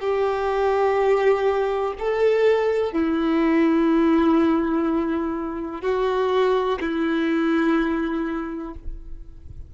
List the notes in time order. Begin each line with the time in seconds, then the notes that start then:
0.00 G4
1.99 A4
2.93 E4
5.82 F#4
6.80 E4